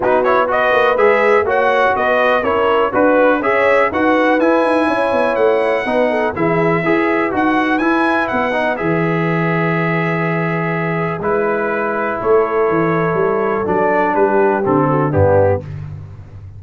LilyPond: <<
  \new Staff \with { instrumentName = "trumpet" } { \time 4/4 \tempo 4 = 123 b'8 cis''8 dis''4 e''4 fis''4 | dis''4 cis''4 b'4 e''4 | fis''4 gis''2 fis''4~ | fis''4 e''2 fis''4 |
gis''4 fis''4 e''2~ | e''2. b'4~ | b'4 cis''2. | d''4 b'4 a'4 g'4 | }
  \new Staff \with { instrumentName = "horn" } { \time 4/4 fis'4 b'2 cis''4 | b'4 ais'4 b'4 cis''4 | b'2 cis''2 | b'8 a'8 gis'4 b'2~ |
b'1~ | b'1~ | b'4 a'2.~ | a'4 g'4. fis'8 d'4 | }
  \new Staff \with { instrumentName = "trombone" } { \time 4/4 dis'8 e'8 fis'4 gis'4 fis'4~ | fis'4 e'4 fis'4 gis'4 | fis'4 e'2. | dis'4 e'4 gis'4 fis'4 |
e'4. dis'8 gis'2~ | gis'2. e'4~ | e'1 | d'2 c'4 b4 | }
  \new Staff \with { instrumentName = "tuba" } { \time 4/4 b4. ais8 gis4 ais4 | b4 cis'4 d'4 cis'4 | dis'4 e'8 dis'8 cis'8 b8 a4 | b4 e4 e'4 dis'4 |
e'4 b4 e2~ | e2. gis4~ | gis4 a4 e4 g4 | fis4 g4 d4 g,4 | }
>>